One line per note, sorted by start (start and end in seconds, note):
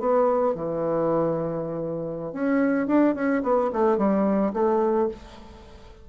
0.00 0.55 B3
0.55 2.33 E3
2.33 2.88 C#4
2.88 3.15 D4
3.15 3.43 C#4
3.43 3.71 B3
3.73 3.98 A3
3.98 4.53 G3
4.53 5.08 A3